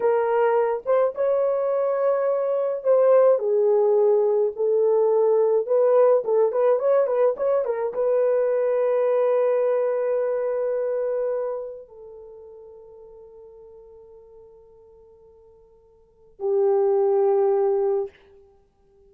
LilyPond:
\new Staff \with { instrumentName = "horn" } { \time 4/4 \tempo 4 = 106 ais'4. c''8 cis''2~ | cis''4 c''4 gis'2 | a'2 b'4 a'8 b'8 | cis''8 b'8 cis''8 ais'8 b'2~ |
b'1~ | b'4 a'2.~ | a'1~ | a'4 g'2. | }